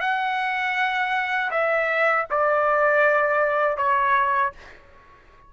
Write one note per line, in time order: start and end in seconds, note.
0.00 1.50 F#5
1.50 2.25 E5
2.30 3.77 D5
3.77 4.52 C#5